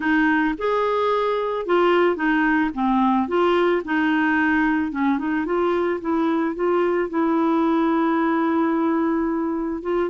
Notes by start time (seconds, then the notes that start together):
0.00 D#4
0.58 G#4
1.66 F4
2.15 D#4
2.73 C4
3.28 F4
3.84 D#4
4.91 C#4
5.18 D#4
5.45 F4
6.00 E4
6.55 F4
7.09 E4
9.82 F4